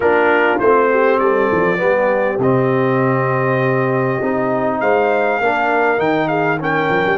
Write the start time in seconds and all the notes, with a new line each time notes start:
0.00 A#3 D4 F4 A#4
0.59 A3 C4 C5
0.90 G4
1.19 G3 A4 D5
1.51 F3
1.77 G3 B3 G4
2.38 C3 C4 D#5
4.21 C4 D#4
4.80 G#3 C5 F5
5.40 A#3 D4 A#4
5.97 D#3 D#4 G5
6.28 G#4 F5
6.59 C#4 A#4 G5
6.89 F3
7.06 G3